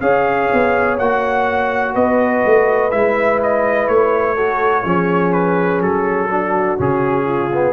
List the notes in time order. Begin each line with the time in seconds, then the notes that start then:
0.00 C#4 G#4 C#5 F5
0.53 B3
0.98 A#3 F#4 F#5
1.94 B3 B4 D#5
2.45 A3
2.91 G#3 E4 E5
3.43 D#5
3.87 A3 C#5
4.35 F#4 A4
4.83 F3 C#4 G#4
5.33 B4
5.81 F#3 A4
6.31 D4 F#4
6.77 C#3 C#4 G#4
7.25 F4
7.53 B3